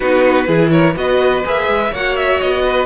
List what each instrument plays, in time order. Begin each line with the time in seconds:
0.00 cello B3, viola D#4, violin F#4 B4
0.46 cello E3, viola E4, violin G#4
0.70 violin A#4 C#5
0.95 cello B3, viola F#4, violin B4 D#5
1.44 cello A#3, viola G#4, violin E5
1.68 cello G#3
1.90 cello A#3, viola F#4, violin C#5 F#5
2.16 violin E5
2.40 cello B3, violin D#5
2.63 violin B4